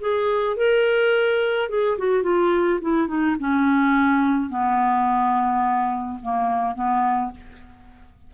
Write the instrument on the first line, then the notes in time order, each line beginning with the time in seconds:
clarinet
0.00 G#4
0.56 A#4
1.69 G#4
1.98 F#4
2.23 F4
2.81 E4
3.07 D#4
3.40 C#4
4.49 B3
6.22 A#3
6.74 B3